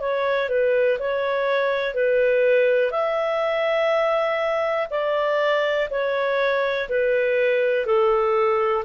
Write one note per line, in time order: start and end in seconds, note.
0.00 0.49 C#5
0.49 0.98 B4
0.99 1.94 C#5
1.94 2.91 B4
2.91 4.88 E5
4.90 5.88 D5
5.90 6.89 C#5
6.89 7.86 B4
7.86 8.84 A4